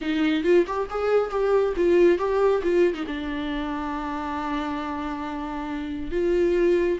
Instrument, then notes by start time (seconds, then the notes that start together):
viola
0.01 D#4
0.43 F4
0.66 G4
0.90 G#4
1.30 G4
1.76 F4
2.18 G4
2.63 F4
2.93 D#4
3.07 D4
6.11 F4